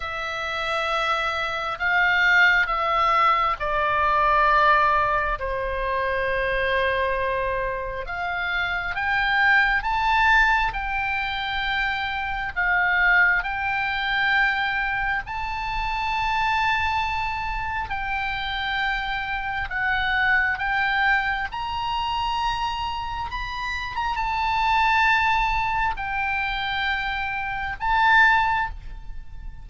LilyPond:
\new Staff \with { instrumentName = "oboe" } { \time 4/4 \tempo 4 = 67 e''2 f''4 e''4 | d''2 c''2~ | c''4 f''4 g''4 a''4 | g''2 f''4 g''4~ |
g''4 a''2. | g''2 fis''4 g''4 | ais''2 b''8. ais''16 a''4~ | a''4 g''2 a''4 | }